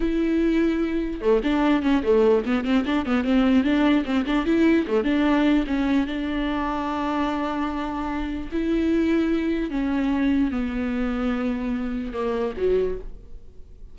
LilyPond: \new Staff \with { instrumentName = "viola" } { \time 4/4 \tempo 4 = 148 e'2. a8 d'8~ | d'8 cis'8 a4 b8 c'8 d'8 b8 | c'4 d'4 c'8 d'8 e'4 | a8 d'4. cis'4 d'4~ |
d'1~ | d'4 e'2. | cis'2 b2~ | b2 ais4 fis4 | }